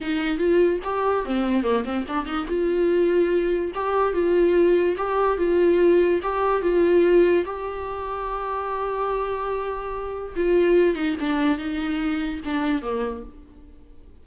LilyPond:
\new Staff \with { instrumentName = "viola" } { \time 4/4 \tempo 4 = 145 dis'4 f'4 g'4 c'4 | ais8 c'8 d'8 dis'8 f'2~ | f'4 g'4 f'2 | g'4 f'2 g'4 |
f'2 g'2~ | g'1~ | g'4 f'4. dis'8 d'4 | dis'2 d'4 ais4 | }